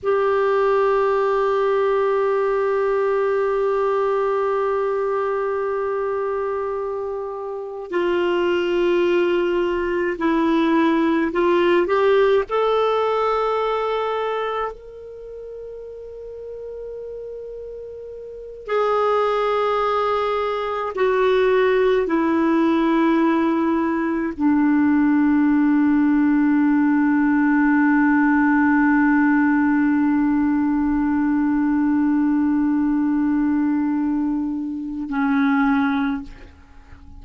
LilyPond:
\new Staff \with { instrumentName = "clarinet" } { \time 4/4 \tempo 4 = 53 g'1~ | g'2. f'4~ | f'4 e'4 f'8 g'8 a'4~ | a'4 ais'2.~ |
ais'8 gis'2 fis'4 e'8~ | e'4. d'2~ d'8~ | d'1~ | d'2. cis'4 | }